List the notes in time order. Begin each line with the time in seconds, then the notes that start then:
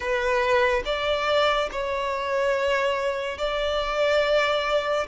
0.00 B4
0.85 D5
1.71 C#5
3.38 D5